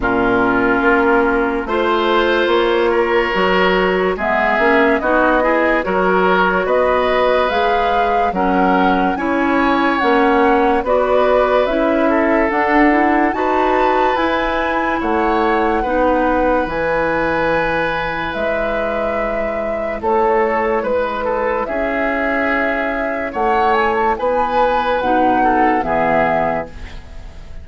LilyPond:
<<
  \new Staff \with { instrumentName = "flute" } { \time 4/4 \tempo 4 = 72 ais'2 c''4 cis''4~ | cis''4 e''4 dis''4 cis''4 | dis''4 f''4 fis''4 gis''4 | fis''4 d''4 e''4 fis''4 |
a''4 gis''4 fis''2 | gis''2 e''2 | cis''4 b'4 e''2 | fis''8 gis''16 a''16 gis''4 fis''4 e''4 | }
  \new Staff \with { instrumentName = "oboe" } { \time 4/4 f'2 c''4. ais'8~ | ais'4 gis'4 fis'8 gis'8 ais'4 | b'2 ais'4 cis''4~ | cis''4 b'4. a'4. |
b'2 cis''4 b'4~ | b'1 | a'4 b'8 a'8 gis'2 | cis''4 b'4. a'8 gis'4 | }
  \new Staff \with { instrumentName = "clarinet" } { \time 4/4 cis'2 f'2 | fis'4 b8 cis'8 dis'8 e'8 fis'4~ | fis'4 gis'4 cis'4 e'4 | cis'4 fis'4 e'4 d'8 e'8 |
fis'4 e'2 dis'4 | e'1~ | e'1~ | e'2 dis'4 b4 | }
  \new Staff \with { instrumentName = "bassoon" } { \time 4/4 ais,4 ais4 a4 ais4 | fis4 gis8 ais8 b4 fis4 | b4 gis4 fis4 cis'4 | ais4 b4 cis'4 d'4 |
dis'4 e'4 a4 b4 | e2 gis2 | a4 gis4 cis'2 | a4 b4 b,4 e4 | }
>>